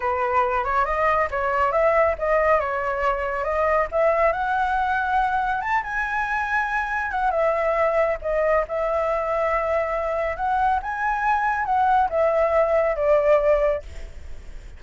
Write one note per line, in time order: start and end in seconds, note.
0.00 0.64 B4
0.64 0.85 C#5
0.85 1.28 D#5
1.31 1.72 C#5
1.72 2.15 E5
2.18 2.60 D#5
2.60 3.44 C#5
3.44 3.87 D#5
3.91 4.32 E5
4.32 5.61 F#5
5.61 5.82 A5
5.83 7.11 G#5
7.11 7.31 F#5
7.31 8.17 E5
8.21 8.64 D#5
8.68 10.36 E5
10.36 10.79 F#5
10.82 11.65 G#5
11.65 12.08 F#5
12.09 12.95 E5
12.96 13.82 D5